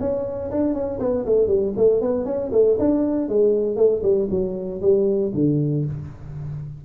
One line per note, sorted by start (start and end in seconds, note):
0.00 0.51 C#4
0.52 0.74 D4
0.74 0.99 C#4
1.00 1.25 B3
1.26 1.48 A3
1.48 1.73 G3
1.77 2.01 A3
2.01 2.26 B3
2.26 2.51 C#4
2.52 2.78 A3
2.79 3.29 D4
3.29 3.77 G#3
3.77 4.02 A3
4.03 4.29 G3
4.31 4.81 F#3
4.82 5.33 G3
5.35 5.85 D3